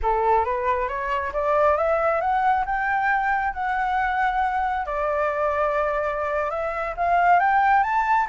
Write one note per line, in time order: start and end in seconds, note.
0.02 0.44 A4
0.44 0.88 B4
0.88 1.32 C#5
1.33 1.77 D5
1.77 2.20 E5
2.20 2.64 F#5
2.65 3.53 G5
3.53 4.85 F#5
4.85 6.50 D5
6.50 6.94 E5
6.96 7.39 F5
7.39 7.83 G5
7.83 8.27 A5